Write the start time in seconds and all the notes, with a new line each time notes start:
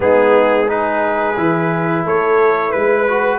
0.00 G#3 B3 D#4 G#4
0.67 D#4 G#4 B4
1.36 E3 E4
2.05 A3 A4 C#5
2.69 G#3 B4
3.08 F#4